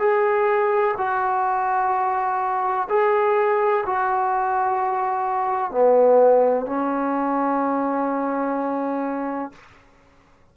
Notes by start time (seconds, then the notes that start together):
0.00 G#4
0.98 F#4
2.90 G#4
3.87 F#4
5.72 B3
6.67 C#4